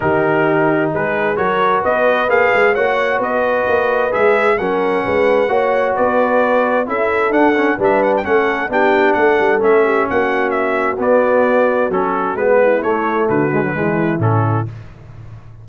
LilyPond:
<<
  \new Staff \with { instrumentName = "trumpet" } { \time 4/4 \tempo 4 = 131 ais'2 b'4 cis''4 | dis''4 f''4 fis''4 dis''4~ | dis''4 e''4 fis''2~ | fis''4 d''2 e''4 |
fis''4 e''8 fis''16 g''16 fis''4 g''4 | fis''4 e''4 fis''4 e''4 | d''2 a'4 b'4 | cis''4 b'2 a'4 | }
  \new Staff \with { instrumentName = "horn" } { \time 4/4 g'2 gis'4 ais'4 | b'2 cis''4 b'4~ | b'2 ais'4 b'4 | cis''4 b'2 a'4~ |
a'4 b'4 a'4 g'4 | a'4. g'8 fis'2~ | fis'2.~ fis'8 e'8~ | e'4 fis'4 e'2 | }
  \new Staff \with { instrumentName = "trombone" } { \time 4/4 dis'2. fis'4~ | fis'4 gis'4 fis'2~ | fis'4 gis'4 cis'2 | fis'2. e'4 |
d'8 cis'8 d'4 cis'4 d'4~ | d'4 cis'2. | b2 cis'4 b4 | a4. gis16 fis16 gis4 cis'4 | }
  \new Staff \with { instrumentName = "tuba" } { \time 4/4 dis2 gis4 fis4 | b4 ais8 gis8 ais4 b4 | ais4 gis4 fis4 gis4 | ais4 b2 cis'4 |
d'4 g4 a4 b4 | a8 g8 a4 ais2 | b2 fis4 gis4 | a4 d4 e4 a,4 | }
>>